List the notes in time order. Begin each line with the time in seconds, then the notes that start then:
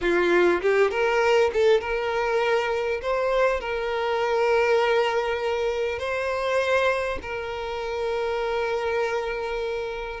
0.01 F4
0.61 G4
0.90 A#4
1.53 A4
1.80 A#4
3.01 C5
3.60 A#4
5.98 C5
7.22 A#4